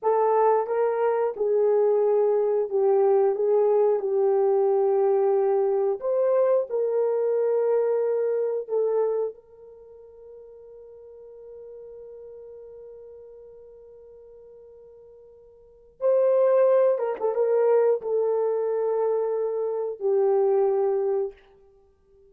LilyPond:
\new Staff \with { instrumentName = "horn" } { \time 4/4 \tempo 4 = 90 a'4 ais'4 gis'2 | g'4 gis'4 g'2~ | g'4 c''4 ais'2~ | ais'4 a'4 ais'2~ |
ais'1~ | ais'1 | c''4. ais'16 a'16 ais'4 a'4~ | a'2 g'2 | }